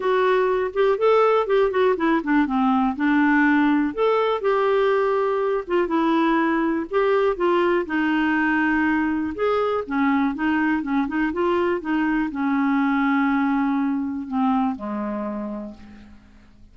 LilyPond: \new Staff \with { instrumentName = "clarinet" } { \time 4/4 \tempo 4 = 122 fis'4. g'8 a'4 g'8 fis'8 | e'8 d'8 c'4 d'2 | a'4 g'2~ g'8 f'8 | e'2 g'4 f'4 |
dis'2. gis'4 | cis'4 dis'4 cis'8 dis'8 f'4 | dis'4 cis'2.~ | cis'4 c'4 gis2 | }